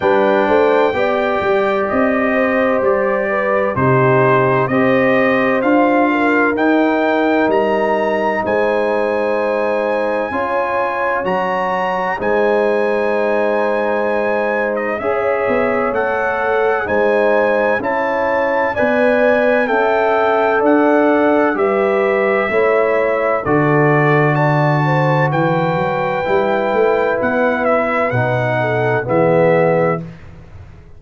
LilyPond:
<<
  \new Staff \with { instrumentName = "trumpet" } { \time 4/4 \tempo 4 = 64 g''2 dis''4 d''4 | c''4 dis''4 f''4 g''4 | ais''4 gis''2. | ais''4 gis''2~ gis''8. dis''16 |
e''4 fis''4 gis''4 a''4 | gis''4 g''4 fis''4 e''4~ | e''4 d''4 a''4 g''4~ | g''4 fis''8 e''8 fis''4 e''4 | }
  \new Staff \with { instrumentName = "horn" } { \time 4/4 b'8 c''8 d''4. c''4 b'8 | g'4 c''4. ais'4.~ | ais'4 c''2 cis''4~ | cis''4 c''2. |
cis''2 c''4 cis''4 | d''4 e''4 d''4 b'4 | cis''4 a'4 d''8 c''8 b'4~ | b'2~ b'8 a'8 gis'4 | }
  \new Staff \with { instrumentName = "trombone" } { \time 4/4 d'4 g'2. | dis'4 g'4 f'4 dis'4~ | dis'2. f'4 | fis'4 dis'2. |
gis'4 a'4 dis'4 e'4 | b'4 a'2 g'4 | e'4 fis'2. | e'2 dis'4 b4 | }
  \new Staff \with { instrumentName = "tuba" } { \time 4/4 g8 a8 b8 g8 c'4 g4 | c4 c'4 d'4 dis'4 | g4 gis2 cis'4 | fis4 gis2. |
cis'8 b8 a4 gis4 cis'4 | b4 cis'4 d'4 g4 | a4 d2 e8 fis8 | g8 a8 b4 b,4 e4 | }
>>